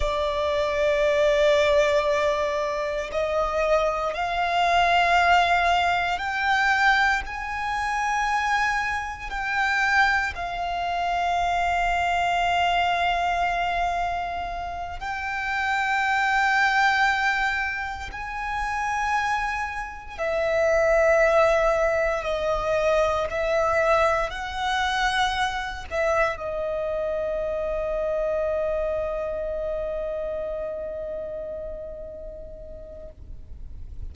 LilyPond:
\new Staff \with { instrumentName = "violin" } { \time 4/4 \tempo 4 = 58 d''2. dis''4 | f''2 g''4 gis''4~ | gis''4 g''4 f''2~ | f''2~ f''8 g''4.~ |
g''4. gis''2 e''8~ | e''4. dis''4 e''4 fis''8~ | fis''4 e''8 dis''2~ dis''8~ | dis''1 | }